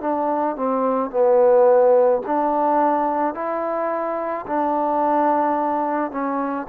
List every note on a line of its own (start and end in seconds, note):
0.00 0.56 D4
0.56 1.10 C4
1.10 2.21 B3
2.26 3.34 D4
3.34 4.45 E4
4.46 6.11 D4
6.11 6.66 C#4